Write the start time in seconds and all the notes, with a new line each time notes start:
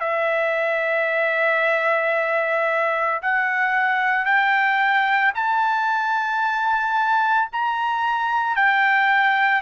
0.00 E5
3.22 F#5
4.26 G5
5.35 A5
7.52 A#5
8.57 G5